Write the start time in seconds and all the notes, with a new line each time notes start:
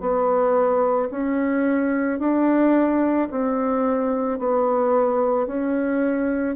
0.00 B3
1.11 C#4
2.19 D4
3.31 C4
4.38 B3
5.47 C#4